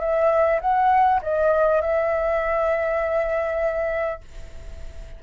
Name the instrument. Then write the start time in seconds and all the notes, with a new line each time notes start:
flute
0.00 E5
0.61 F#5
1.22 D#5
1.81 E5